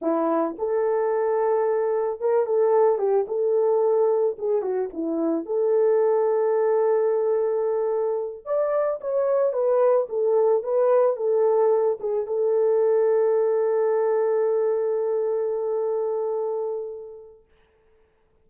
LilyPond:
\new Staff \with { instrumentName = "horn" } { \time 4/4 \tempo 4 = 110 e'4 a'2. | ais'8 a'4 g'8 a'2 | gis'8 fis'8 e'4 a'2~ | a'2.~ a'8 d''8~ |
d''8 cis''4 b'4 a'4 b'8~ | b'8 a'4. gis'8 a'4.~ | a'1~ | a'1 | }